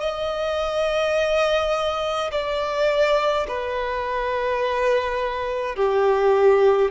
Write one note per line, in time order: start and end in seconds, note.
0.00 2.31 D#5
2.31 3.47 D5
3.48 5.75 B4
5.75 6.91 G4